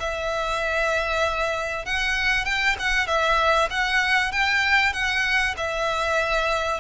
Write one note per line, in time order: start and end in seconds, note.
0.00 1.86 E5
1.86 2.45 F#5
2.45 2.76 G5
2.79 3.07 F#5
3.07 3.69 E5
3.71 4.32 F#5
4.32 4.93 G5
4.93 5.55 F#5
5.58 6.81 E5